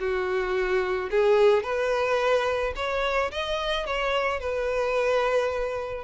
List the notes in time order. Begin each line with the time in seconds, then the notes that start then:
0.00 F#4
1.11 G#4
1.63 B4
2.76 C#5
3.32 D#5
3.87 C#5
4.40 B4